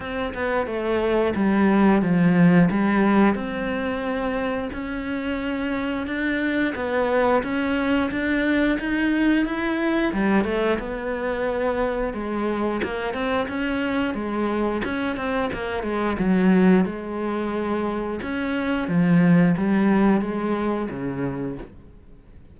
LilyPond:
\new Staff \with { instrumentName = "cello" } { \time 4/4 \tempo 4 = 89 c'8 b8 a4 g4 f4 | g4 c'2 cis'4~ | cis'4 d'4 b4 cis'4 | d'4 dis'4 e'4 g8 a8 |
b2 gis4 ais8 c'8 | cis'4 gis4 cis'8 c'8 ais8 gis8 | fis4 gis2 cis'4 | f4 g4 gis4 cis4 | }